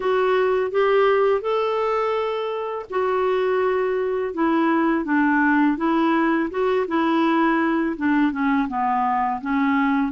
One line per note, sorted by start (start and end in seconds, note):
0.00 0.71 F#4
0.71 1.41 G4
1.41 2.86 A4
2.89 4.34 F#4
4.34 5.04 E4
5.04 5.77 D4
5.77 6.49 E4
6.50 6.86 F#4
6.87 7.96 E4
7.96 8.31 D4
8.31 8.67 C#4
8.68 9.40 B3
9.41 10.11 C#4